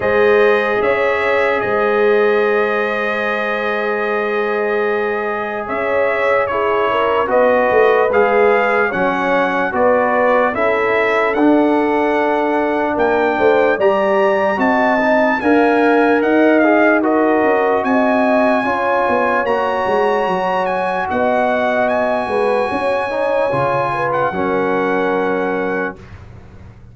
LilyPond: <<
  \new Staff \with { instrumentName = "trumpet" } { \time 4/4 \tempo 4 = 74 dis''4 e''4 dis''2~ | dis''2. e''4 | cis''4 dis''4 f''4 fis''4 | d''4 e''4 fis''2 |
g''4 ais''4 a''4 gis''4 | fis''8 f''8 dis''4 gis''2 | ais''4. gis''8 fis''4 gis''4~ | gis''4.~ gis''16 fis''2~ fis''16 | }
  \new Staff \with { instrumentName = "horn" } { \time 4/4 c''4 cis''4 c''2~ | c''2. cis''4 | gis'8 ais'8 b'2 cis''4 | b'4 a'2. |
ais'8 c''8 d''4 dis''4 f''4 | dis''4 ais'4 dis''4 cis''4~ | cis''2 dis''4. b'8 | cis''4. b'8 ais'2 | }
  \new Staff \with { instrumentName = "trombone" } { \time 4/4 gis'1~ | gis'1 | e'4 fis'4 gis'4 cis'4 | fis'4 e'4 d'2~ |
d'4 g'4 fis'8 dis'8 ais'4~ | ais'8 gis'8 fis'2 f'4 | fis'1~ | fis'8 dis'8 f'4 cis'2 | }
  \new Staff \with { instrumentName = "tuba" } { \time 4/4 gis4 cis'4 gis2~ | gis2. cis'4~ | cis'4 b8 a8 gis4 fis4 | b4 cis'4 d'2 |
ais8 a8 g4 c'4 d'4 | dis'4. cis'8 c'4 cis'8 b8 | ais8 gis8 fis4 b4. gis8 | cis'4 cis4 fis2 | }
>>